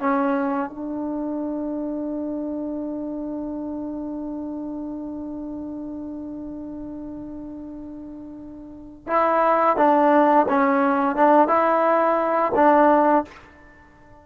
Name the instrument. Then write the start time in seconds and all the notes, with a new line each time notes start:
trombone
0.00 C#4
0.70 D4
9.07 E4
9.76 D4
10.48 C#4
11.16 D4
11.48 E4
12.55 D4